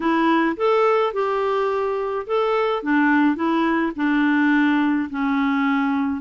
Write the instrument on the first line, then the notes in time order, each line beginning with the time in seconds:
clarinet
0.00 E4
0.56 A4
1.13 G4
2.26 A4
2.83 D4
3.35 E4
3.95 D4
5.10 C#4